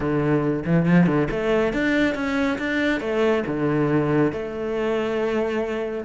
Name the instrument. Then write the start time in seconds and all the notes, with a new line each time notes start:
cello
0.00 D3
0.65 E3
0.85 F3
1.06 D3
1.30 A3
1.73 D4
2.14 C#4
2.58 D4
3.00 A3
3.46 D3
4.32 A3